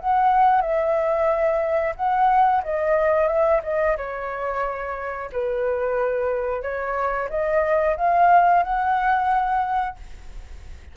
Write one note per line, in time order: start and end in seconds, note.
0.00 0.62 F#5
0.62 1.95 E5
1.96 2.62 F#5
2.63 3.28 D#5
3.28 3.61 E5
3.63 3.96 D#5
3.97 5.30 C#5
5.32 6.62 B4
6.62 7.28 C#5
7.29 7.96 D#5
7.96 8.63 F5
8.63 9.96 F#5